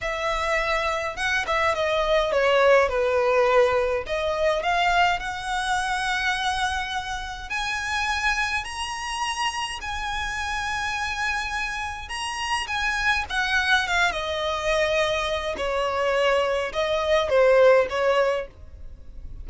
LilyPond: \new Staff \with { instrumentName = "violin" } { \time 4/4 \tempo 4 = 104 e''2 fis''8 e''8 dis''4 | cis''4 b'2 dis''4 | f''4 fis''2.~ | fis''4 gis''2 ais''4~ |
ais''4 gis''2.~ | gis''4 ais''4 gis''4 fis''4 | f''8 dis''2~ dis''8 cis''4~ | cis''4 dis''4 c''4 cis''4 | }